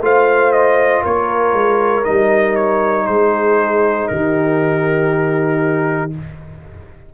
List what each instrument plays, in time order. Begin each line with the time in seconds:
0.00 tuba A3, trombone F4, horn C5, trumpet F5
0.52 trumpet D#5
1.02 tuba A#3, horn A#4, trumpet C#5
1.53 tuba G#3
2.04 tuba G3, trombone D#4, trumpet D#5
2.55 trumpet C#5
3.06 tuba G#3, horn G#4, trumpet C5
4.08 tuba D#3, horn G4, trumpet A#4